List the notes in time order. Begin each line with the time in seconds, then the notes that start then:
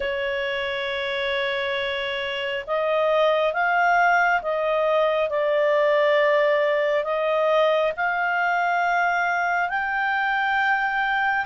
0.00 C#5
2.66 D#5
3.53 F5
4.42 D#5
5.29 D5
7.03 D#5
7.96 F5
9.69 G5